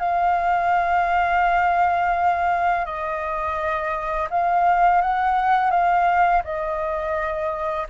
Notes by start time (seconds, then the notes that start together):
0.00 F5
2.86 D#5
4.31 F5
5.02 F#5
5.71 F5
6.44 D#5